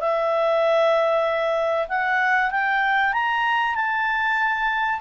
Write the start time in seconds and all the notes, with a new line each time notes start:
0.00 E5
1.88 F#5
2.51 G5
3.13 A#5
3.75 A5